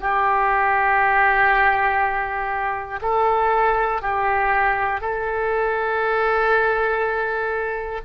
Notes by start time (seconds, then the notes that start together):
0.00 G4
3.02 A4
4.02 G4
5.01 A4